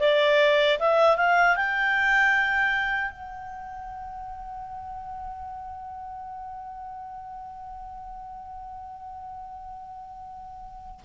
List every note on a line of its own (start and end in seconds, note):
0.00 0.79 D5
0.79 1.17 E5
1.17 1.56 F5
1.56 3.11 G5
3.11 11.01 F#5